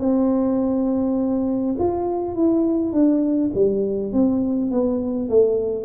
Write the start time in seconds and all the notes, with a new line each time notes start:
0.00 C4
1.79 F4
2.36 E4
2.93 D4
3.55 G3
4.13 C4
4.71 B3
5.30 A3